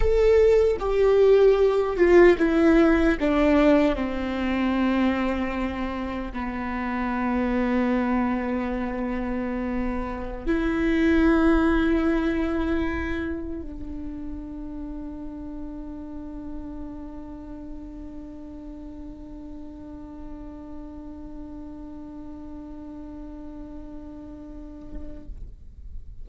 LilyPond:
\new Staff \with { instrumentName = "viola" } { \time 4/4 \tempo 4 = 76 a'4 g'4. f'8 e'4 | d'4 c'2. | b1~ | b4~ b16 e'2~ e'8.~ |
e'4~ e'16 d'2~ d'8.~ | d'1~ | d'1~ | d'1 | }